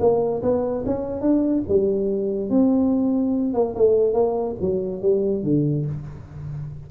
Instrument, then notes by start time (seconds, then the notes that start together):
tuba
0.00 A#3
0.42 B3
0.86 C#4
1.21 D4
1.68 G3
2.50 C4
3.54 A#3
3.76 A3
4.14 A#3
4.61 F#3
5.02 G3
5.44 D3